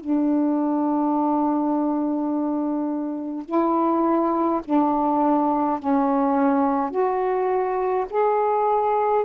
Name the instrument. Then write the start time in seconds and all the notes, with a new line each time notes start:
saxophone
0.00 D4
3.45 E4
4.64 D4
5.80 C#4
6.90 F#4
8.10 G#4